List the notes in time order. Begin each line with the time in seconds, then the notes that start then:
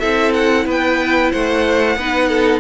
0.00 C4 E4 A4 E5
0.34 F#5
0.66 B3 B4 G5
1.32 A3 C5 F#5
1.97 B3 D#4 B4
2.28 A4